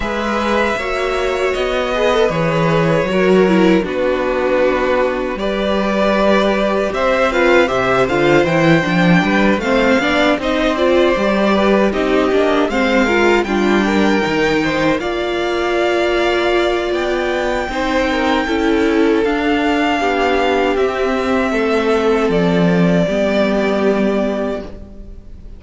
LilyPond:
<<
  \new Staff \with { instrumentName = "violin" } { \time 4/4 \tempo 4 = 78 e''2 dis''4 cis''4~ | cis''4 b'2 d''4~ | d''4 e''8 f''8 e''8 f''8 g''4~ | g''8 f''4 dis''8 d''4. dis''8~ |
dis''8 f''4 g''2 f''8~ | f''2 g''2~ | g''4 f''2 e''4~ | e''4 d''2. | }
  \new Staff \with { instrumentName = "violin" } { \time 4/4 b'4 cis''4. b'4. | ais'4 fis'2 b'4~ | b'4 c''8 b'8 c''2 | b'8 c''8 d''8 c''4. b'8 g'8~ |
g'8 c''8 ais'8 f'8 ais'4 c''8 d''8~ | d''2. c''8 ais'8 | a'2 g'2 | a'2 g'2 | }
  \new Staff \with { instrumentName = "viola" } { \time 4/4 gis'4 fis'4. gis'16 a'16 gis'4 | fis'8 e'8 d'2 g'4~ | g'4. f'8 g'8 f'8 e'8 d'8~ | d'8 c'8 d'8 dis'8 f'8 g'4 dis'8 |
d'8 c'8 f'8 d'4 dis'4 f'8~ | f'2. dis'4 | e'4 d'2 c'4~ | c'2 b2 | }
  \new Staff \with { instrumentName = "cello" } { \time 4/4 gis4 ais4 b4 e4 | fis4 b2 g4~ | g4 c'4 c8 d8 e8 f8 | g8 a8 b8 c'4 g4 c'8 |
ais8 gis4 g4 dis4 ais8~ | ais2 b4 c'4 | cis'4 d'4 b4 c'4 | a4 f4 g2 | }
>>